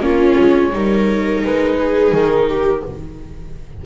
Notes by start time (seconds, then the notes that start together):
0.00 A#3 C#4 F4 C#5
0.39 G#3
0.72 G3 D#4 A#4
1.44 G#3 B4
1.78 G#4
2.12 D#3 A#4
2.48 G4